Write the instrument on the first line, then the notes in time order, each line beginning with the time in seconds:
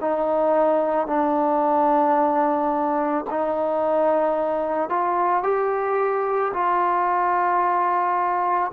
trombone
0.00 D#4
1.07 D4
3.30 D#4
4.89 F4
5.43 G4
6.53 F4